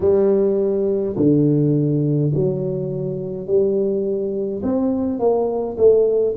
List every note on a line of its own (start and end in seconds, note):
0.00 1.15 G3
1.16 2.31 D3
2.34 3.46 F#3
3.46 4.62 G3
4.63 5.19 C4
5.19 5.76 A#3
5.77 6.35 A3